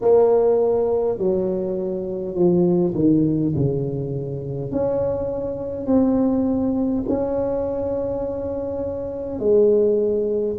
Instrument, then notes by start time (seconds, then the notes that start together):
tuba
0.01 A#3
1.18 F#3
2.34 F3
2.94 D#3
3.55 C#3
4.71 C#4
5.86 C4
7.09 C#4
9.39 G#3